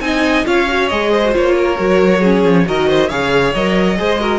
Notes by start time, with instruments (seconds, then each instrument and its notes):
0.00 cello C4, viola D#4, violin D#5 G#5
0.45 cello C#4, viola F4, violin C#5 F5
0.68 viola F#4
0.89 cello G#3, viola G#4, violin D#5
1.11 violin C5
1.25 viola F#4
1.33 cello A#3, viola F4, violin C#5
1.57 violin A#4
1.78 cello F#3, viola F#4
2.20 viola C#4, violin G#4
2.44 cello F3
2.65 cello D#3, viola F#4, violin A#4 D#5
2.89 violin C5
3.09 cello C#3, viola G#4, violin C#5 F5
3.54 cello F#3, viola A#4, violin D#5
3.97 cello G#3, viola G#4, violin C5
4.20 viola F#4, violin A#4